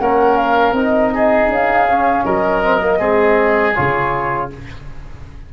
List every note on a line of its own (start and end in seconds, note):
0.00 0.72 A#3
0.00 0.76 C#4
0.00 1.14 A#4
0.00 0.37 F#5
0.37 0.75 F5
0.72 1.47 C4
0.72 1.88 D#4
0.72 1.50 D#5
1.14 2.25 G#4
1.49 2.24 C#4
1.49 2.25 F5
1.89 2.64 C#4
2.25 3.01 F#3
2.25 2.99 A#4
2.25 3.75 D#5
2.64 2.80 C4
2.80 2.98 A#3
2.98 3.76 G#3
2.98 3.73 C4
2.98 4.49 G#4
3.75 4.53 C#3
3.75 4.50 F4
3.75 4.50 C#5